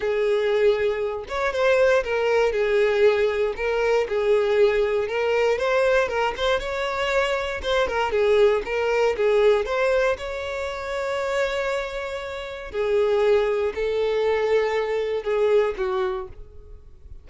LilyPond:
\new Staff \with { instrumentName = "violin" } { \time 4/4 \tempo 4 = 118 gis'2~ gis'8 cis''8 c''4 | ais'4 gis'2 ais'4 | gis'2 ais'4 c''4 | ais'8 c''8 cis''2 c''8 ais'8 |
gis'4 ais'4 gis'4 c''4 | cis''1~ | cis''4 gis'2 a'4~ | a'2 gis'4 fis'4 | }